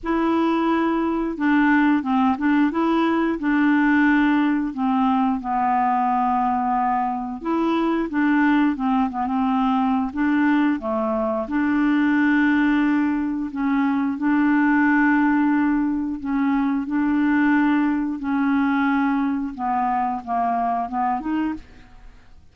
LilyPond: \new Staff \with { instrumentName = "clarinet" } { \time 4/4 \tempo 4 = 89 e'2 d'4 c'8 d'8 | e'4 d'2 c'4 | b2. e'4 | d'4 c'8 b16 c'4~ c'16 d'4 |
a4 d'2. | cis'4 d'2. | cis'4 d'2 cis'4~ | cis'4 b4 ais4 b8 dis'8 | }